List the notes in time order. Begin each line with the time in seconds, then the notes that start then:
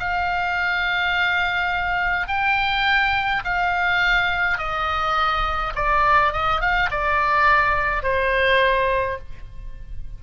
0.00 F5
2.28 G5
3.45 F5
4.58 D#5
5.75 D5
6.33 D#5
6.61 F5
6.91 D5
8.03 C5